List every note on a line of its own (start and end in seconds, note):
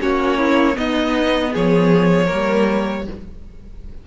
0.00 0.77 A#3
0.00 0.74 C#4
0.00 0.38 F#4
0.00 0.77 C#5
0.38 0.76 E4
0.74 2.26 B3
0.74 1.53 B3
0.74 1.52 D#4
0.74 1.53 D#5
1.52 2.31 F3
1.52 2.26 G#4
1.52 3.07 C#5
2.26 3.07 G3
2.26 3.02 A#3
2.26 3.02 A#4